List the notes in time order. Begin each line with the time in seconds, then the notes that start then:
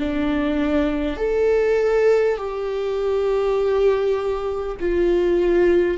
0.00 D4
1.17 A4
2.37 G4
4.81 F4